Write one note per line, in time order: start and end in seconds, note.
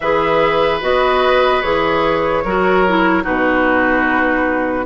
0.00 0.81 E3
0.00 0.81 G#4
0.00 2.44 B4
0.00 0.80 E5
0.81 1.63 B3
0.81 1.62 F#4
0.81 1.61 D#5
1.61 2.44 E3
1.61 2.43 G#4
1.61 3.23 C#5
2.44 3.25 F#3
2.44 2.87 F#4
2.44 3.23 A#4
2.87 3.22 E4
3.22 4.85 B2
3.22 4.85 D#4
3.22 4.85 F#4
3.22 4.85 B4